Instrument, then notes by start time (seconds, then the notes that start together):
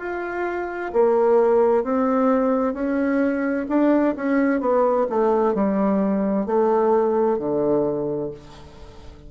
bassoon
0.00 F4
0.93 A#3
1.84 C4
2.74 C#4
3.69 D4
4.17 C#4
4.61 B3
5.10 A3
5.55 G3
6.47 A3
7.39 D3